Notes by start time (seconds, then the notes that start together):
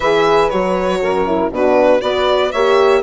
0.00 E3 G#4 B4 E5
0.49 F#3 F#4 C#5
1.01 F#2 A#4
1.26 E4
1.50 B2 D4 F#4 B4
2.01 B3 F#4 B4 D5
2.51 A#3 G4 C#5 E5